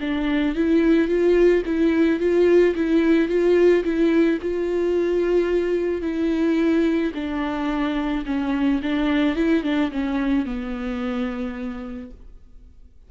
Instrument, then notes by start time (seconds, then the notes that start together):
viola
0.00 D4
0.55 E4
1.08 F4
1.65 E4
2.19 F4
2.75 E4
3.28 F4
3.84 E4
4.41 F4
6.01 E4
7.14 D4
8.25 C#4
8.82 D4
9.35 E4
9.63 D4
9.91 C#4
10.45 B3